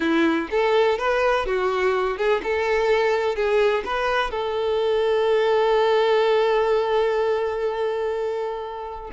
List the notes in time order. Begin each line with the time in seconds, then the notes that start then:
0.00 E4
0.50 A4
0.98 B4
1.46 F#4
2.17 G#4
2.43 A4
3.35 G#4
3.85 B4
4.30 A4